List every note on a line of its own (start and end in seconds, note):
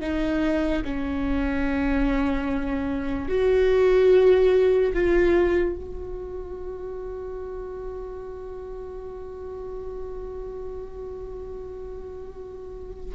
0.00 0.82 D#4
0.84 3.28 C#4
3.28 4.92 F#4
4.93 5.75 F4
5.76 13.14 F#4